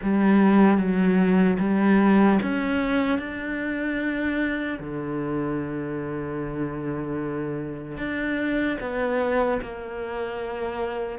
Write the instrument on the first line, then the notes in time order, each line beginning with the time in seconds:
cello
0.02 G3
0.77 F#3
1.59 G3
2.42 C#4
3.19 D4
4.79 D3
7.97 D4
8.80 B3
9.61 A#3